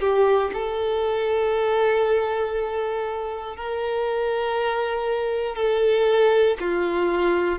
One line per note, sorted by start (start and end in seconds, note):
0.00 0.51 G4
0.53 3.56 A4
3.56 5.56 A#4
5.56 6.57 A4
6.60 7.59 F4